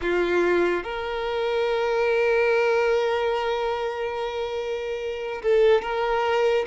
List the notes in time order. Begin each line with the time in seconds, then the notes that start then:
0.01 F4
0.83 A#4
5.42 A4
5.82 A#4